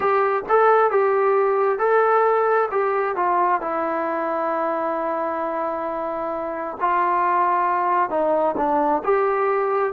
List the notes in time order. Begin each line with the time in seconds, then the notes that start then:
0.00 G4
0.48 A4
0.90 G4
1.78 A4
2.71 G4
3.16 F4
3.61 E4
6.80 F4
8.10 D#4
8.57 D4
9.03 G4